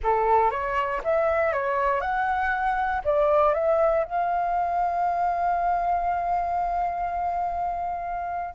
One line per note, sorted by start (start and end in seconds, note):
0.03 0.50 A4
0.50 1.01 C#5
1.04 1.52 E5
1.52 2.00 C#5
2.00 3.01 F#5
3.04 3.54 D5
3.54 4.04 E5
4.04 8.55 F5